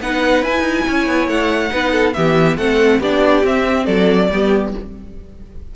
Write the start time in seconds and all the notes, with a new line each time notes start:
0.00 B3 D#4 B4 F#5
0.43 E4 G#5
0.61 D#4
0.88 C#4 C#5
1.08 B3
1.28 A3 F#5
1.71 B3 D#4 B4
1.93 A4
2.14 E3 B3 G4 E5
2.58 A3 C4 A4 F#5
3.01 B3 D4 G4 D5
3.44 C4 E5
3.86 F#3 A4 D5
4.31 G3 B3 G4